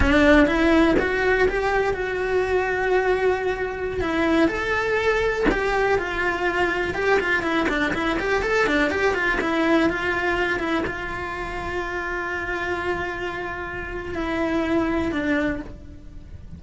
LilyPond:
\new Staff \with { instrumentName = "cello" } { \time 4/4 \tempo 4 = 123 d'4 e'4 fis'4 g'4 | fis'1~ | fis'16 e'4 a'2 g'8.~ | g'16 f'2 g'8 f'8 e'8 d'16~ |
d'16 e'8 g'8 a'8 d'8 g'8 f'8 e'8.~ | e'16 f'4. e'8 f'4.~ f'16~ | f'1~ | f'4 e'2 d'4 | }